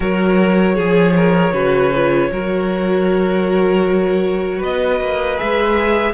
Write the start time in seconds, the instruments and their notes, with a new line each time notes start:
0.00 cello F#3, viola F#4, violin A#4 C#5
0.75 cello F3, violin G#4, viola G#4
1.16 violin A#4
1.52 cello C#3, viola F#4, violin B4
1.95 viola F4
2.31 cello F#3, viola F#4, violin A#4
4.58 cello B3, violin B4 D#5
5.00 cello A#3
5.37 cello G#3, viola G#4, violin E5